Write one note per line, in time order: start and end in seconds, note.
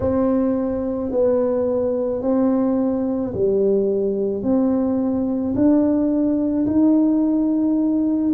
0.00 1.11 C4
1.11 2.22 B3
2.22 3.33 C4
3.33 4.42 G3
4.42 5.54 C4
5.55 6.66 D4
6.66 8.33 D#4